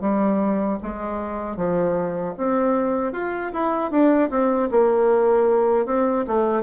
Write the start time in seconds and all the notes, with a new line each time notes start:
0.00 G3
0.82 G#3
1.56 F3
2.37 C4
3.12 F4
3.53 E4
3.91 D4
4.30 C4
4.70 A#3
5.85 C4
6.27 A3